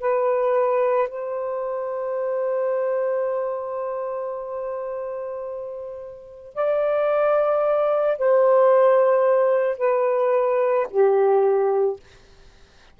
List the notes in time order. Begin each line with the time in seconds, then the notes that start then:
0.00 B4
1.09 C5
6.55 D5
8.18 C5
9.78 B4
10.90 G4